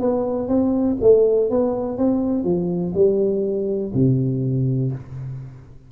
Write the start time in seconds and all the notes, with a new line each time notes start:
0.00 B3
0.48 C4
1.02 A3
1.50 B3
1.98 C4
2.44 F3
2.95 G3
3.94 C3